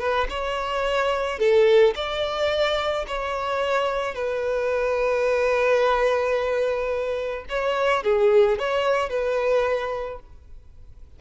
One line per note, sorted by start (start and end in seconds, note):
0.00 0.28 B4
0.30 1.39 C#5
1.39 1.94 A4
1.96 3.06 D5
3.08 4.15 C#5
4.15 7.46 B4
7.50 8.04 C#5
8.04 8.59 G#4
8.59 9.10 C#5
9.10 10.20 B4